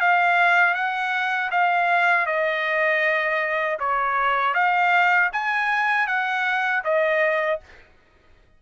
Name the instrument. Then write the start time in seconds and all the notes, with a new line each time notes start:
trumpet
0.00 F5
0.74 F#5
1.51 F5
2.26 D#5
3.79 C#5
4.54 F5
5.32 G#5
6.07 F#5
6.84 D#5